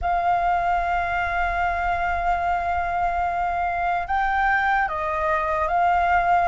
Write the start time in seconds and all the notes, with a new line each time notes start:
0.01 F5
4.07 G5
4.88 D#5
5.68 F5